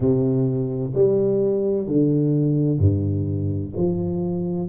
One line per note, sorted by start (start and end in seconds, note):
0.00 0.92 C3
0.94 1.87 G3
1.87 2.79 D3
2.79 3.72 G2
3.76 4.68 F3